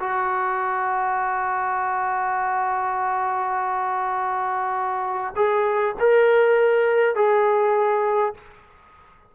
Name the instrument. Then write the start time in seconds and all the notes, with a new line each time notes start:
trombone
0.00 F#4
5.36 G#4
5.99 A#4
7.16 G#4